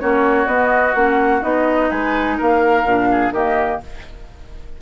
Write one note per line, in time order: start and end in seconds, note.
0.00 0.47 A#3
0.00 0.47 C#4
0.00 1.91 F#4
0.00 0.48 C#5
0.47 0.95 B3
0.47 0.95 D#5
0.95 1.43 A#3
0.95 1.41 C#4
0.95 1.43 F#5
1.41 1.91 B3
1.41 2.84 D#4
1.41 1.91 D#5
1.91 2.39 G#3
1.91 2.37 B4
1.91 2.39 G#5
2.37 2.85 A#3
2.37 3.09 A#4
2.37 3.33 F5
2.85 3.32 A#2
2.85 3.34 D4
3.12 3.34 G#4
3.32 3.79 D#3
3.32 3.82 A#3
3.32 3.81 G4
3.32 3.81 D#5